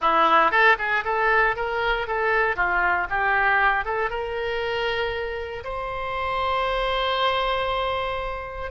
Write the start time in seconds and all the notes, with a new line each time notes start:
0.01 E4
0.51 A4
0.78 G#4
1.04 A4
1.55 A#4
2.07 A4
2.55 F4
3.09 G4
3.84 A4
4.09 A#4
5.64 C5